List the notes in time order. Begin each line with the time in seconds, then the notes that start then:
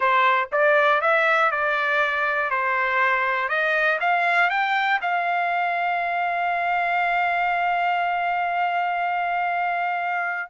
0.00 C5
0.52 D5
1.01 E5
1.51 D5
2.50 C5
3.48 D#5
4.00 F5
4.50 G5
5.01 F5